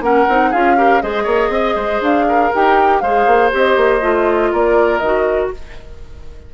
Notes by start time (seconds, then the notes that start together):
0.00 A#3 C#4 A#4 F#5
0.28 C4 D#4
0.50 C#4 F4 G#4 F5
0.76 G4 A#4
1.01 G#3 G#4 C5 D#5
1.23 A#3 C#5
1.49 C4 D#5
1.75 G#3 C5
2.01 D4 F5
2.28 A#4
2.53 D#4 G4 G5
3.00 G#3 G#4 C5 F5
3.26 A#3
3.51 C4 G4 D#5
3.76 A#3
4.01 A3 F4
4.52 A#3 A#4 D5
4.98 D#3 F#4 D#5